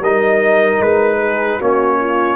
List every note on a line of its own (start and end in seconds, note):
0.00 0.80 G3
0.00 1.61 D#4
0.00 1.18 A#4
0.00 0.82 D#5
0.80 1.59 G#3
0.80 1.61 B4
1.19 1.58 G#4
1.58 2.36 A#3
1.58 2.36 C#4
1.58 1.98 F#4
1.58 2.36 C#5
2.00 2.36 F4